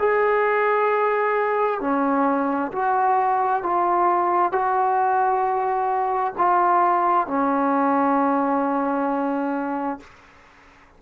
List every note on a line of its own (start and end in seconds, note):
0.00 1.81 G#4
1.81 2.72 C#4
2.73 3.64 F#4
3.64 4.52 F4
4.52 6.34 F#4
6.38 7.28 F4
7.28 10.00 C#4